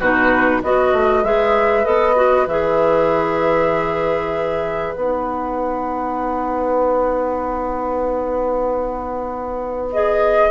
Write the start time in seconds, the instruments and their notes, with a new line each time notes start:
0.00 bassoon B2, clarinet D#4, oboe F#4, flute B4
0.61 bassoon B3, clarinet F#4, oboe B4, flute D#5
0.93 bassoon A3
1.24 bassoon G#3, clarinet G#4, flute E5
1.85 bassoon B3, clarinet A4, flute D#5
2.16 clarinet F#4
2.47 bassoon E3, clarinet G#4, flute E5
4.94 bassoon B3, clarinet D#4, flute F#5
9.93 clarinet G#4, flute D#5